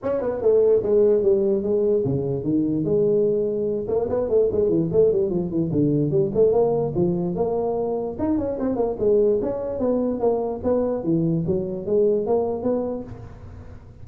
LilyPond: \new Staff \with { instrumentName = "tuba" } { \time 4/4 \tempo 4 = 147 cis'8 b8 a4 gis4 g4 | gis4 cis4 dis4 gis4~ | gis4. ais8 b8 a8 gis8 e8 | a8 g8 f8 e8 d4 g8 a8 |
ais4 f4 ais2 | dis'8 cis'8 c'8 ais8 gis4 cis'4 | b4 ais4 b4 e4 | fis4 gis4 ais4 b4 | }